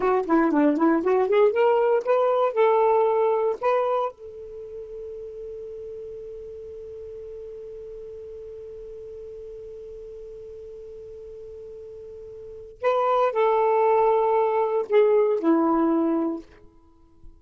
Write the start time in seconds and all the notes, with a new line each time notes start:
0.00 F#4
0.26 E4
0.51 D4
0.77 E4
1.03 F#4
1.28 G#4
1.52 A#4
2.04 B4
2.53 A4
3.61 B4
4.11 A4
12.81 B4
13.31 A4
14.89 G#4
15.39 E4